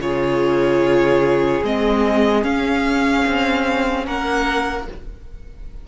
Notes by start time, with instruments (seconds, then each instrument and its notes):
0.00 cello C#3, viola F4, violin G#4 C#5
1.64 cello G#3, viola C4, violin D#5
2.43 viola C#4, cello C#4, violin F5
3.27 cello C4
4.06 cello A#3, violin A#4 F#5